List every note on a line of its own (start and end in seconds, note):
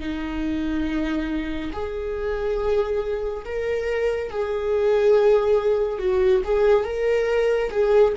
0.00 1.71 D#4
1.73 3.45 G#4
3.45 4.31 A#4
4.31 5.99 G#4
5.99 6.42 F#4
6.45 6.85 G#4
6.85 7.71 A#4
7.71 8.14 G#4